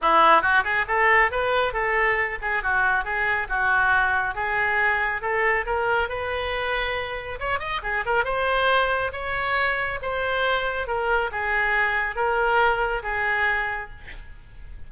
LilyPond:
\new Staff \with { instrumentName = "oboe" } { \time 4/4 \tempo 4 = 138 e'4 fis'8 gis'8 a'4 b'4 | a'4. gis'8 fis'4 gis'4 | fis'2 gis'2 | a'4 ais'4 b'2~ |
b'4 cis''8 dis''8 gis'8 ais'8 c''4~ | c''4 cis''2 c''4~ | c''4 ais'4 gis'2 | ais'2 gis'2 | }